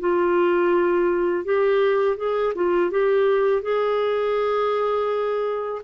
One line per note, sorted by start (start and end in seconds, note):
0.00 1.45 F4
1.45 2.17 G4
2.17 2.54 G#4
2.55 2.91 F4
2.91 3.62 G4
3.62 5.82 G#4